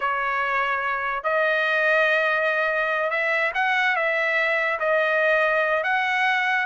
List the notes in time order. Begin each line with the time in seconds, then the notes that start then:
0.00 C#5
1.23 D#5
3.10 E5
3.54 F#5
3.96 E5
4.79 D#5
5.83 F#5